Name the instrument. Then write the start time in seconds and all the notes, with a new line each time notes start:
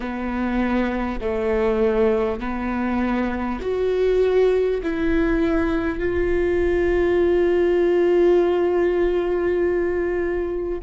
viola
0.00 B3
1.20 A3
2.39 B3
3.61 F#4
4.82 E4
5.98 F4